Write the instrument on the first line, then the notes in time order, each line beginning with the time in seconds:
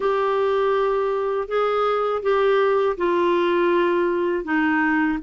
clarinet
0.00 G4
1.48 G#4
2.22 G4
2.97 F4
4.44 D#4